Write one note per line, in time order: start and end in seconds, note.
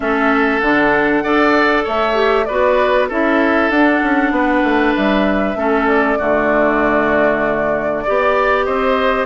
0.00 0.61 A3
0.00 0.62 C#4
0.00 1.23 A4
0.00 0.59 E5
0.59 1.24 D3
0.59 1.24 D4
0.59 1.83 F#5
1.23 1.85 D4
1.23 2.14 A4
1.23 1.84 D5
1.84 2.48 A3
1.84 2.45 C#5
1.84 2.44 E5
2.14 2.45 G4
2.44 3.10 B3
2.44 3.10 F#4
2.44 3.08 B4
2.44 3.06 D5
3.08 3.69 C#4
3.08 3.72 E4
3.08 4.32 A4
3.08 3.70 E5
3.69 4.00 D4
3.69 5.56 D4
3.69 4.94 F#5
4.03 4.31 C#4
4.31 4.62 B3
4.31 5.57 B4
4.63 4.94 A3
4.94 5.55 G3
4.94 5.87 E5
5.55 6.17 A3
5.55 6.18 C#4
5.55 6.18 A4
5.87 8.63 D5
6.18 8.06 D3
6.18 8.05 A3
6.18 8.04 F#4
8.05 8.67 B3
8.05 9.26 G4
8.05 8.65 D5
8.63 9.26 C4
8.63 9.26 C5
8.63 9.25 D#5